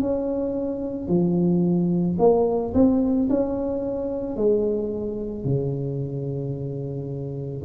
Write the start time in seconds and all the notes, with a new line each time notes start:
0.00 C#4
1.08 F3
2.19 A#3
2.74 C4
3.30 C#4
4.36 G#3
5.44 C#3